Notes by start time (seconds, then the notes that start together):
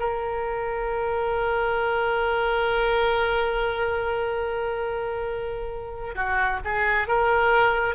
0.00 A#4
6.16 F#4
6.65 G#4
7.08 A#4